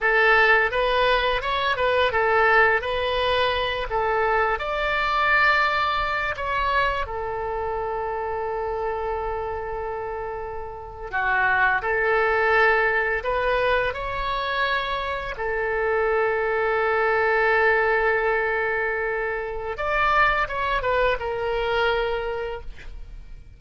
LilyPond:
\new Staff \with { instrumentName = "oboe" } { \time 4/4 \tempo 4 = 85 a'4 b'4 cis''8 b'8 a'4 | b'4. a'4 d''4.~ | d''4 cis''4 a'2~ | a'2.~ a'8. fis'16~ |
fis'8. a'2 b'4 cis''16~ | cis''4.~ cis''16 a'2~ a'16~ | a'1 | d''4 cis''8 b'8 ais'2 | }